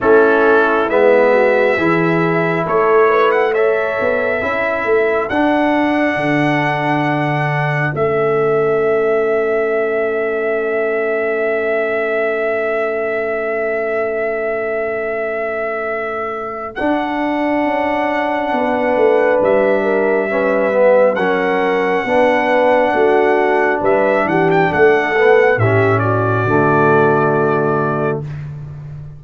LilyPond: <<
  \new Staff \with { instrumentName = "trumpet" } { \time 4/4 \tempo 4 = 68 a'4 e''2 cis''8. fis''16 | e''2 fis''2~ | fis''4 e''2.~ | e''1~ |
e''2. fis''4~ | fis''2 e''2 | fis''2. e''8 fis''16 g''16 | fis''4 e''8 d''2~ d''8 | }
  \new Staff \with { instrumentName = "horn" } { \time 4/4 e'4. fis'8 gis'4 a'8 b'8 | cis''4 a'2.~ | a'1~ | a'1~ |
a'1~ | a'4 b'4. ais'8 b'4 | ais'4 b'4 fis'4 b'8 g'8 | a'4 g'8 fis'2~ fis'8 | }
  \new Staff \with { instrumentName = "trombone" } { \time 4/4 cis'4 b4 e'2 | a'4 e'4 d'2~ | d'4 cis'2.~ | cis'1~ |
cis'2. d'4~ | d'2. cis'8 b8 | cis'4 d'2.~ | d'8 b8 cis'4 a2 | }
  \new Staff \with { instrumentName = "tuba" } { \time 4/4 a4 gis4 e4 a4~ | a8 b8 cis'8 a8 d'4 d4~ | d4 a2.~ | a1~ |
a2. d'4 | cis'4 b8 a8 g2 | fis4 b4 a4 g8 e8 | a4 a,4 d2 | }
>>